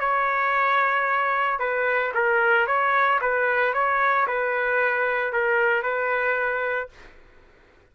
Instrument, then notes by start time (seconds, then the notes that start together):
trumpet
0.00 C#5
1.59 B4
2.14 A#4
2.67 C#5
3.21 B4
3.74 C#5
4.27 B4
5.33 A#4
5.83 B4